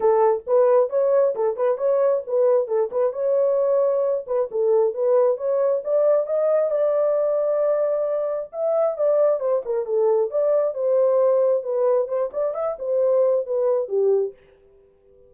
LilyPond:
\new Staff \with { instrumentName = "horn" } { \time 4/4 \tempo 4 = 134 a'4 b'4 cis''4 a'8 b'8 | cis''4 b'4 a'8 b'8 cis''4~ | cis''4. b'8 a'4 b'4 | cis''4 d''4 dis''4 d''4~ |
d''2. e''4 | d''4 c''8 ais'8 a'4 d''4 | c''2 b'4 c''8 d''8 | e''8 c''4. b'4 g'4 | }